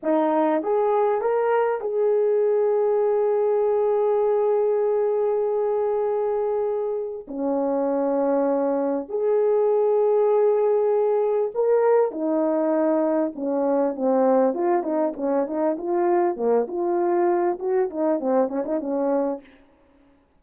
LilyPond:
\new Staff \with { instrumentName = "horn" } { \time 4/4 \tempo 4 = 99 dis'4 gis'4 ais'4 gis'4~ | gis'1~ | gis'1 | cis'2. gis'4~ |
gis'2. ais'4 | dis'2 cis'4 c'4 | f'8 dis'8 cis'8 dis'8 f'4 ais8 f'8~ | f'4 fis'8 dis'8 c'8 cis'16 dis'16 cis'4 | }